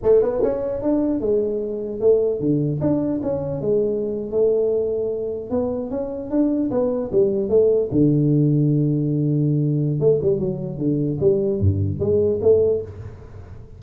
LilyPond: \new Staff \with { instrumentName = "tuba" } { \time 4/4 \tempo 4 = 150 a8 b8 cis'4 d'4 gis4~ | gis4 a4 d4 d'4 | cis'4 gis4.~ gis16 a4~ a16~ | a4.~ a16 b4 cis'4 d'16~ |
d'8. b4 g4 a4 d16~ | d1~ | d4 a8 g8 fis4 d4 | g4 g,4 gis4 a4 | }